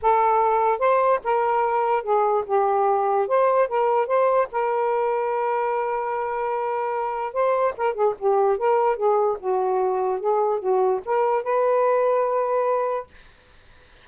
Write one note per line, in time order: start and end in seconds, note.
0.02 0.79 A4
0.79 1.19 C5
1.24 2.03 A#4
2.03 2.44 G#4
2.46 3.27 G4
3.27 3.68 C5
3.68 4.06 A#4
4.06 4.47 C5
4.52 7.33 A#4
7.33 7.73 C5
7.77 7.94 A#4
7.94 8.14 G#4
8.18 8.57 G4
8.57 8.96 A#4
8.96 9.37 G#4
9.39 10.20 F#4
10.20 10.59 G#4
10.59 11.00 F#4
11.05 11.43 A#4
11.43 13.06 B4